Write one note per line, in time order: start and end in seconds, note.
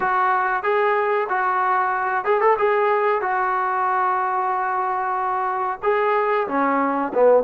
0.00 0.63 F#4
0.63 1.27 G#4
1.29 2.24 F#4
2.24 2.40 G#4
2.40 2.56 A4
2.58 3.21 G#4
3.21 5.79 F#4
5.82 6.47 G#4
6.47 7.12 C#4
7.14 7.43 B3